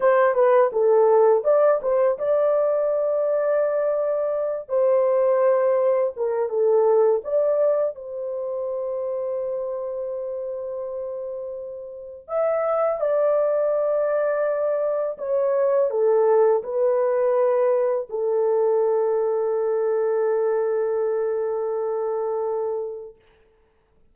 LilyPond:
\new Staff \with { instrumentName = "horn" } { \time 4/4 \tempo 4 = 83 c''8 b'8 a'4 d''8 c''8 d''4~ | d''2~ d''8 c''4.~ | c''8 ais'8 a'4 d''4 c''4~ | c''1~ |
c''4 e''4 d''2~ | d''4 cis''4 a'4 b'4~ | b'4 a'2.~ | a'1 | }